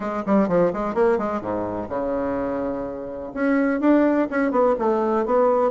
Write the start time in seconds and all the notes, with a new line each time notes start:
0.00 G#3
0.26 G3
0.48 F3
0.73 G#3
0.94 A#3
1.18 G#3
1.41 G#2
1.89 C#3
3.33 C#4
3.80 D4
4.30 C#4
4.51 B3
4.79 A3
5.25 B3